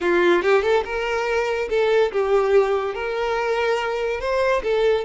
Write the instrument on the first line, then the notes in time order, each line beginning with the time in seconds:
violin
0.00 F4
0.42 G4
0.62 A4
0.84 A#4
1.69 A4
2.12 G4
2.94 A#4
4.20 C5
4.63 A4